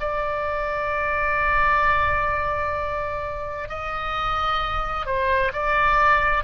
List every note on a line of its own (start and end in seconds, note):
0.00 3.69 D5
3.69 5.06 D#5
5.06 5.52 C5
5.53 6.44 D5